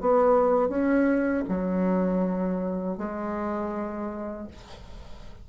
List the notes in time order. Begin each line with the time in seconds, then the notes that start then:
0.00 B3
0.68 C#4
1.48 F#3
2.97 G#3